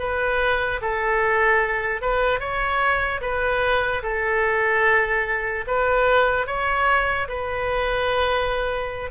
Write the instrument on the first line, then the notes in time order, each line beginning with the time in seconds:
oboe
0.00 B4
0.82 A4
2.02 B4
2.40 C#5
3.21 B4
4.03 A4
5.67 B4
6.47 C#5
7.29 B4